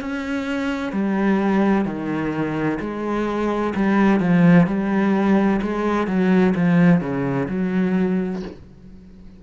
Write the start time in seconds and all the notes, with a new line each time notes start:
0.00 C#4
0.92 G3
1.85 D#3
2.80 G#3
3.75 G3
4.20 F3
4.66 G3
5.62 G#3
6.07 F#3
6.55 F3
7.00 C#3
7.48 F#3